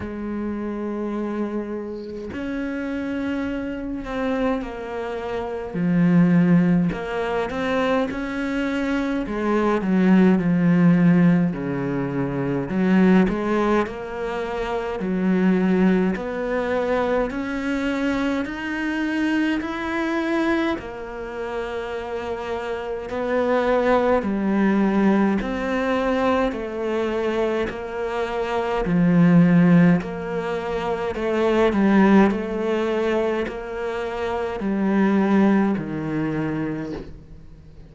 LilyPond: \new Staff \with { instrumentName = "cello" } { \time 4/4 \tempo 4 = 52 gis2 cis'4. c'8 | ais4 f4 ais8 c'8 cis'4 | gis8 fis8 f4 cis4 fis8 gis8 | ais4 fis4 b4 cis'4 |
dis'4 e'4 ais2 | b4 g4 c'4 a4 | ais4 f4 ais4 a8 g8 | a4 ais4 g4 dis4 | }